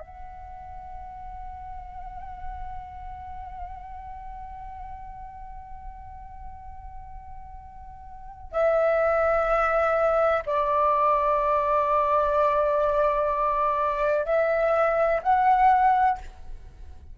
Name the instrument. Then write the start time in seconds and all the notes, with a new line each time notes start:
flute
0.00 F#5
8.52 E5
10.47 D5
14.26 E5
15.23 F#5